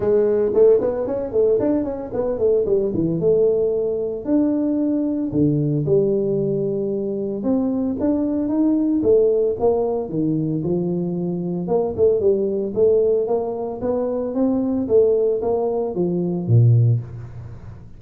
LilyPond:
\new Staff \with { instrumentName = "tuba" } { \time 4/4 \tempo 4 = 113 gis4 a8 b8 cis'8 a8 d'8 cis'8 | b8 a8 g8 e8 a2 | d'2 d4 g4~ | g2 c'4 d'4 |
dis'4 a4 ais4 dis4 | f2 ais8 a8 g4 | a4 ais4 b4 c'4 | a4 ais4 f4 ais,4 | }